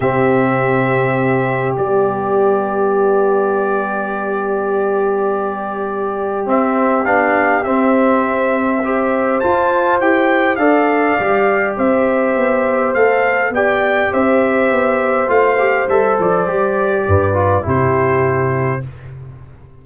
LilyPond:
<<
  \new Staff \with { instrumentName = "trumpet" } { \time 4/4 \tempo 4 = 102 e''2. d''4~ | d''1~ | d''2. e''4 | f''4 e''2. |
a''4 g''4 f''2 | e''2 f''4 g''4 | e''2 f''4 e''8 d''8~ | d''2 c''2 | }
  \new Staff \with { instrumentName = "horn" } { \time 4/4 g'1~ | g'1~ | g'1~ | g'2. c''4~ |
c''2 d''2 | c''2. d''4 | c''1~ | c''4 b'4 g'2 | }
  \new Staff \with { instrumentName = "trombone" } { \time 4/4 c'2. b4~ | b1~ | b2. c'4 | d'4 c'2 g'4 |
f'4 g'4 a'4 g'4~ | g'2 a'4 g'4~ | g'2 f'8 g'8 a'4 | g'4. f'8 e'2 | }
  \new Staff \with { instrumentName = "tuba" } { \time 4/4 c2. g4~ | g1~ | g2. c'4 | b4 c'2. |
f'4 e'4 d'4 g4 | c'4 b4 a4 b4 | c'4 b4 a4 g8 f8 | g4 g,4 c2 | }
>>